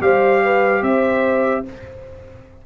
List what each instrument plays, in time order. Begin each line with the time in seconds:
0.00 tuba G3, trombone G4, horn C5, trumpet F5
0.43 horn B4
0.81 tuba C4, horn C5, trumpet E5